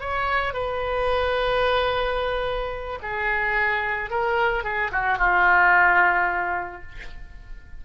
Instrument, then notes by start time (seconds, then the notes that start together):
oboe
0.00 C#5
0.53 B4
3.02 G#4
4.10 A#4
4.63 G#4
4.92 F#4
5.18 F4